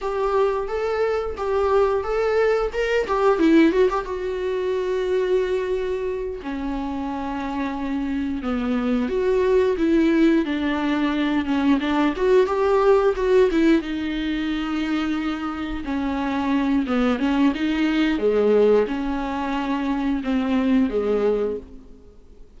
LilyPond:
\new Staff \with { instrumentName = "viola" } { \time 4/4 \tempo 4 = 89 g'4 a'4 g'4 a'4 | ais'8 g'8 e'8 fis'16 g'16 fis'2~ | fis'4. cis'2~ cis'8~ | cis'8 b4 fis'4 e'4 d'8~ |
d'4 cis'8 d'8 fis'8 g'4 fis'8 | e'8 dis'2. cis'8~ | cis'4 b8 cis'8 dis'4 gis4 | cis'2 c'4 gis4 | }